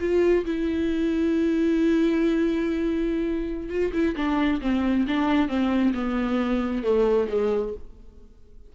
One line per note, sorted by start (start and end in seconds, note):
0.00 0.45 F4
0.45 3.69 E4
3.69 3.92 F4
3.93 4.15 E4
4.16 4.61 D4
4.61 5.06 C4
5.08 5.48 D4
5.48 5.93 C4
5.94 6.83 B3
6.83 7.28 A3
7.29 7.74 G#3